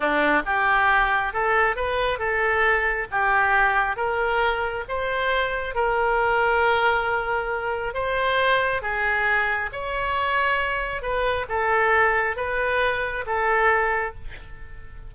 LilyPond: \new Staff \with { instrumentName = "oboe" } { \time 4/4 \tempo 4 = 136 d'4 g'2 a'4 | b'4 a'2 g'4~ | g'4 ais'2 c''4~ | c''4 ais'2.~ |
ais'2 c''2 | gis'2 cis''2~ | cis''4 b'4 a'2 | b'2 a'2 | }